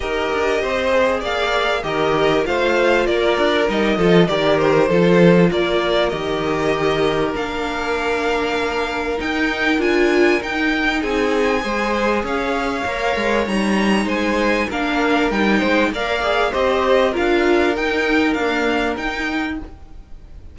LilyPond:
<<
  \new Staff \with { instrumentName = "violin" } { \time 4/4 \tempo 4 = 98 dis''2 f''4 dis''4 | f''4 d''4 dis''4 d''8 c''8~ | c''4 d''4 dis''2 | f''2. g''4 |
gis''4 g''4 gis''2 | f''2 ais''4 gis''4 | f''4 g''4 f''4 dis''4 | f''4 g''4 f''4 g''4 | }
  \new Staff \with { instrumentName = "violin" } { \time 4/4 ais'4 c''4 d''4 ais'4 | c''4 ais'4. a'8 ais'4 | a'4 ais'2.~ | ais'1~ |
ais'2 gis'4 c''4 | cis''2. c''4 | ais'4. c''8 d''4 c''4 | ais'1 | }
  \new Staff \with { instrumentName = "viola" } { \time 4/4 g'4. gis'4. g'4 | f'2 dis'8 f'8 g'4 | f'2 g'2 | d'2. dis'4 |
f'4 dis'2 gis'4~ | gis'4 ais'4 dis'2 | d'4 dis'4 ais'8 gis'8 g'4 | f'4 dis'4 ais4 dis'4 | }
  \new Staff \with { instrumentName = "cello" } { \time 4/4 dis'8 d'8 c'4 ais4 dis4 | a4 ais8 d'8 g8 f8 dis4 | f4 ais4 dis2 | ais2. dis'4 |
d'4 dis'4 c'4 gis4 | cis'4 ais8 gis8 g4 gis4 | ais4 g8 gis8 ais4 c'4 | d'4 dis'4 d'4 dis'4 | }
>>